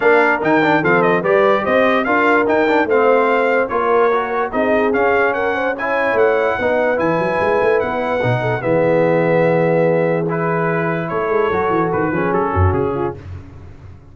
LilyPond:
<<
  \new Staff \with { instrumentName = "trumpet" } { \time 4/4 \tempo 4 = 146 f''4 g''4 f''8 dis''8 d''4 | dis''4 f''4 g''4 f''4~ | f''4 cis''2 dis''4 | f''4 fis''4 gis''4 fis''4~ |
fis''4 gis''2 fis''4~ | fis''4 e''2.~ | e''4 b'2 cis''4~ | cis''4 b'4 a'4 gis'4 | }
  \new Staff \with { instrumentName = "horn" } { \time 4/4 ais'2 a'4 b'4 | c''4 ais'2 c''4~ | c''4 ais'2 gis'4~ | gis'4 ais'8 c''8 cis''2 |
b'1~ | b'8 a'8 gis'2.~ | gis'2. a'4~ | a'4. gis'4 fis'4 f'8 | }
  \new Staff \with { instrumentName = "trombone" } { \time 4/4 d'4 dis'8 d'8 c'4 g'4~ | g'4 f'4 dis'8 d'8 c'4~ | c'4 f'4 fis'4 dis'4 | cis'2 e'2 |
dis'4 e'2. | dis'4 b2.~ | b4 e'2. | fis'4. cis'2~ cis'8 | }
  \new Staff \with { instrumentName = "tuba" } { \time 4/4 ais4 dis4 f4 g4 | c'4 d'4 dis'4 a4~ | a4 ais2 c'4 | cis'2. a4 |
b4 e8 fis8 gis8 a8 b4 | b,4 e2.~ | e2. a8 gis8 | fis8 e8 dis8 f8 fis8 fis,8 cis4 | }
>>